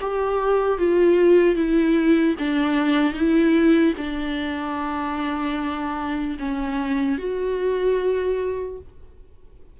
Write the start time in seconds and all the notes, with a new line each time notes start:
0.00 G4
0.78 F4
1.55 E4
2.38 D4
3.13 E4
3.97 D4
6.39 C#4
7.18 F#4